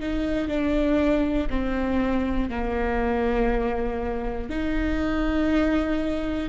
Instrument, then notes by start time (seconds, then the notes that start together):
viola
0.00 D#4
0.48 D4
1.50 C4
2.49 A#3
4.49 D#4